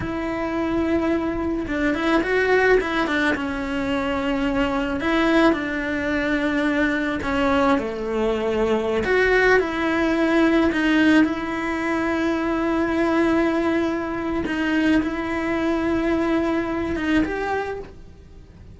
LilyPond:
\new Staff \with { instrumentName = "cello" } { \time 4/4 \tempo 4 = 108 e'2. d'8 e'8 | fis'4 e'8 d'8 cis'2~ | cis'4 e'4 d'2~ | d'4 cis'4 a2~ |
a16 fis'4 e'2 dis'8.~ | dis'16 e'2.~ e'8.~ | e'2 dis'4 e'4~ | e'2~ e'8 dis'8 g'4 | }